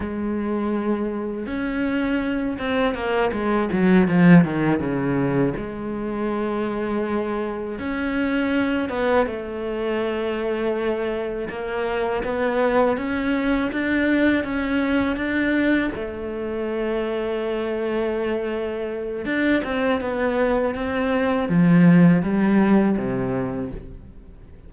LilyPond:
\new Staff \with { instrumentName = "cello" } { \time 4/4 \tempo 4 = 81 gis2 cis'4. c'8 | ais8 gis8 fis8 f8 dis8 cis4 gis8~ | gis2~ gis8 cis'4. | b8 a2. ais8~ |
ais8 b4 cis'4 d'4 cis'8~ | cis'8 d'4 a2~ a8~ | a2 d'8 c'8 b4 | c'4 f4 g4 c4 | }